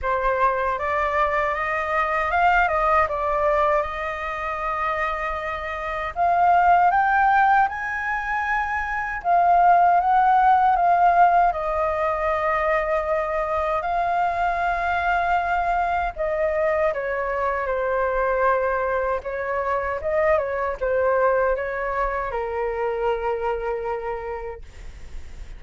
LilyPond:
\new Staff \with { instrumentName = "flute" } { \time 4/4 \tempo 4 = 78 c''4 d''4 dis''4 f''8 dis''8 | d''4 dis''2. | f''4 g''4 gis''2 | f''4 fis''4 f''4 dis''4~ |
dis''2 f''2~ | f''4 dis''4 cis''4 c''4~ | c''4 cis''4 dis''8 cis''8 c''4 | cis''4 ais'2. | }